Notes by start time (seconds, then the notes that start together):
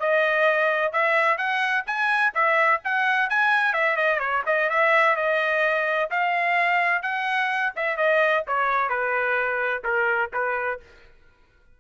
0.00 D#5
0.92 E5
1.38 F#5
1.86 G#5
2.35 E5
2.84 F#5
3.30 G#5
3.73 E5
3.97 D#5
4.19 C#5
4.46 D#5
4.70 E5
5.16 D#5
6.11 F5
7.02 F#5
7.76 E5
7.97 D#5
8.47 C#5
8.89 B4
9.84 A#4
10.33 B4